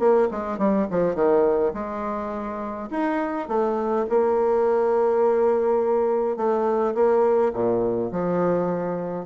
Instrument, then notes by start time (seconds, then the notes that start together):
bassoon
0.00 A#3
0.32 G#3
0.59 G3
0.91 F3
1.15 D#3
1.74 G#3
2.91 D#4
3.49 A3
4.10 A#3
6.37 A3
6.95 A#3
7.54 A#2
8.12 F3